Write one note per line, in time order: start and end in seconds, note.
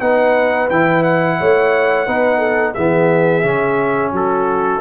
0.00 0.69 B3
0.00 0.69 D#4
0.00 1.39 B4
0.00 0.69 F#5
0.70 1.39 E3
0.70 2.07 E4
0.70 1.04 G5
1.04 2.74 F#5
1.39 2.07 A3
1.39 2.06 C#5
2.06 2.76 B3
2.06 2.76 D#4
2.06 2.39 B4
2.39 2.73 A4
2.74 3.44 E3
2.74 3.43 B3
2.74 4.13 G#4
2.74 4.12 E5
3.43 4.12 C#3
3.43 4.81 C#4
4.12 4.81 F#3
4.12 4.81 F#4
4.12 4.81 A4